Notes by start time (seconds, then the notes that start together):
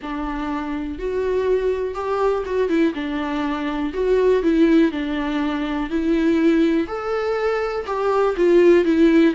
0.02 D4
0.98 F#4
1.94 G4
2.45 F#4
2.68 E4
2.94 D4
3.93 F#4
4.42 E4
4.91 D4
5.89 E4
6.87 A4
7.86 G4
8.36 F4
8.84 E4